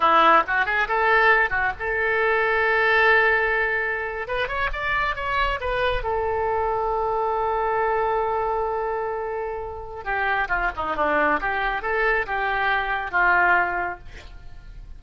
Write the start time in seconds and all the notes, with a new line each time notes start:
0.00 E4
0.47 F#4
0.65 G#4
0.88 A4
1.50 F#4
1.79 A4
4.27 B4
4.48 C#5
4.72 D5
5.15 C#5
5.60 B4
6.03 A4
10.04 G4
10.48 F4
10.76 D#4
10.96 D4
11.40 G4
11.82 A4
12.26 G4
13.11 F4